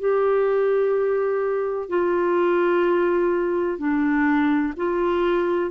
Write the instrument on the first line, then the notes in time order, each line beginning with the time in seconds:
clarinet
0.00 G4
1.89 F4
3.78 D4
4.77 F4